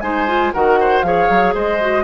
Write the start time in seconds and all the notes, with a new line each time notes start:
0.00 G#3 D#4 C5 G#5
0.27 F4
0.53 D#3 F#4 A#4 F#5
0.80 C5
1.02 F3 G#4 C#5 F5
1.29 F#3
1.54 G#3 C5 D#5
1.80 F#4